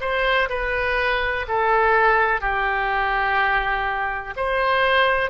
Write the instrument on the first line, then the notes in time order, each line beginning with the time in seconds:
oboe
0.00 C5
0.49 B4
1.48 A4
2.41 G4
4.36 C5